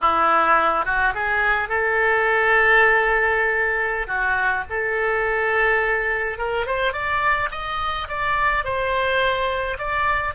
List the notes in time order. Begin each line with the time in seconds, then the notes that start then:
0.01 E4
0.85 F#4
1.14 G#4
1.69 A4
4.07 F#4
4.69 A4
6.38 A#4
6.66 C5
6.92 D5
7.51 D#5
8.08 D5
8.64 C5
9.78 D5